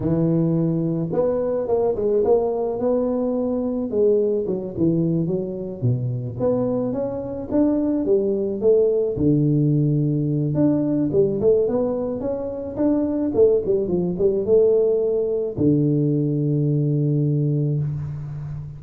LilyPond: \new Staff \with { instrumentName = "tuba" } { \time 4/4 \tempo 4 = 108 e2 b4 ais8 gis8 | ais4 b2 gis4 | fis8 e4 fis4 b,4 b8~ | b8 cis'4 d'4 g4 a8~ |
a8 d2~ d8 d'4 | g8 a8 b4 cis'4 d'4 | a8 g8 f8 g8 a2 | d1 | }